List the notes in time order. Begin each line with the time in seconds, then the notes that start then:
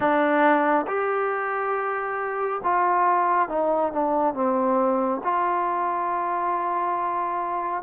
0.00 D4
0.87 G4
2.63 F4
3.49 D#4
3.92 D4
4.34 C4
5.23 F4